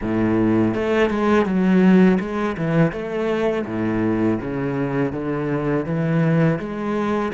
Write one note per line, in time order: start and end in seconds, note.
0.01 0.74 A2
0.74 1.09 A3
1.09 1.45 G#3
1.45 2.18 F#3
2.20 2.56 G#3
2.57 2.92 E3
2.92 3.65 A3
3.66 4.39 A2
4.40 5.12 C#3
5.12 5.85 D3
5.85 6.58 E3
6.58 7.31 G#3